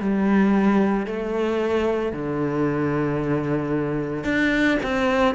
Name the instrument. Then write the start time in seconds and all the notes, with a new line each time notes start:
cello
0.00 G3
1.06 A3
2.12 D3
4.24 D4
4.83 C4